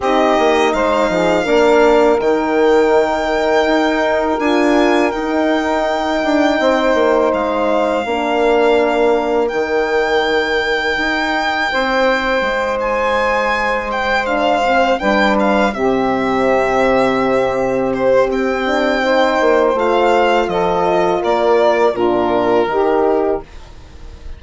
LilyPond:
<<
  \new Staff \with { instrumentName = "violin" } { \time 4/4 \tempo 4 = 82 dis''4 f''2 g''4~ | g''2 gis''4 g''4~ | g''2 f''2~ | f''4 g''2.~ |
g''4. gis''4. g''8 f''8~ | f''8 g''8 f''8 e''2~ e''8~ | e''8 c''8 g''2 f''4 | dis''4 d''4 ais'2 | }
  \new Staff \with { instrumentName = "saxophone" } { \time 4/4 g'4 c''8 gis'8 ais'2~ | ais'1~ | ais'4 c''2 ais'4~ | ais'1 |
c''1~ | c''8 b'4 g'2~ g'8~ | g'2 c''2 | a'4 ais'4 f'4 g'4 | }
  \new Staff \with { instrumentName = "horn" } { \time 4/4 dis'2 d'4 dis'4~ | dis'2 f'4 dis'4~ | dis'2. d'4~ | d'4 dis'2.~ |
dis'2.~ dis'8 d'8 | c'8 d'4 c'2~ c'8~ | c'4. d'8 dis'4 f'4~ | f'2 d'4 dis'4 | }
  \new Staff \with { instrumentName = "bassoon" } { \time 4/4 c'8 ais8 gis8 f8 ais4 dis4~ | dis4 dis'4 d'4 dis'4~ | dis'8 d'8 c'8 ais8 gis4 ais4~ | ais4 dis2 dis'4 |
c'4 gis2.~ | gis8 g4 c2~ c8~ | c4 c'4. ais8 a4 | f4 ais4 ais,4 dis4 | }
>>